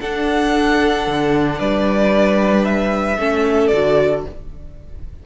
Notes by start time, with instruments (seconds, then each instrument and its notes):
0.00 cello D4, viola D4, violin A4 F#5
1.07 cello D3
1.58 cello G3, violin B4 D5
2.64 violin E5
3.17 cello A3, viola C#4, violin A4
3.67 cello D3, viola F#4, violin D5